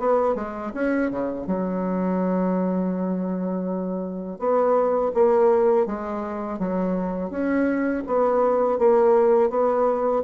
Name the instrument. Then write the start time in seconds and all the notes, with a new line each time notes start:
bassoon
0.00 B3
0.36 G#3
0.75 C#4
1.11 C#3
1.47 F#3
4.39 B3
5.15 A#3
5.87 G#3
6.59 F#3
7.31 C#4
8.07 B3
8.79 A#3
9.50 B3